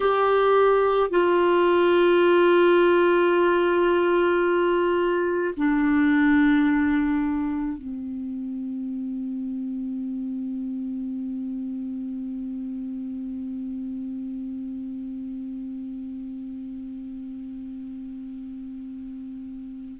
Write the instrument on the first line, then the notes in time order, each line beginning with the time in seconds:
clarinet
0.00 G4
1.10 F4
5.57 D4
7.78 C4